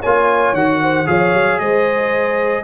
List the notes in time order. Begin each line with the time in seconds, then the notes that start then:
0.00 A#3 F4 C#5 G#5
0.53 D#3 F#4 F#5
0.82 C5
1.06 F3 G#4 C#5 F5
1.33 F#3
1.59 G#3 C5 D#5